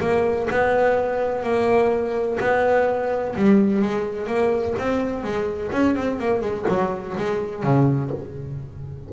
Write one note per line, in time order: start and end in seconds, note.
0.00 0.48 A#3
0.50 1.43 B3
1.43 2.38 A#3
2.40 3.35 B3
3.36 3.82 G3
3.82 4.27 G#3
4.27 4.74 A#3
4.78 5.23 C4
5.23 5.71 G#3
5.71 5.95 C#4
5.95 6.19 C4
6.19 6.41 A#3
6.41 6.65 G#3
6.68 7.16 F#3
7.17 7.63 G#3
7.63 8.11 C#3